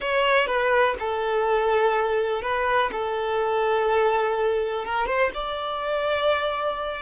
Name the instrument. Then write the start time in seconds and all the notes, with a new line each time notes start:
violin
0.00 C#5
0.47 B4
0.99 A4
2.41 B4
2.92 A4
4.85 A#4
5.06 C5
5.34 D5